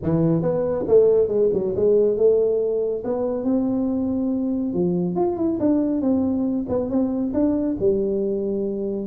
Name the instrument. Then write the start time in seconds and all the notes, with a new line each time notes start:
tuba
0.02 E3
0.42 B3
0.87 A3
1.27 G#3
1.53 F#3
1.76 G#3
2.16 A3
3.03 B3
3.44 C4
4.73 F3
5.15 F4
5.36 E4
5.59 D4
6.01 C4
6.68 B3
6.89 C4
7.33 D4
7.79 G3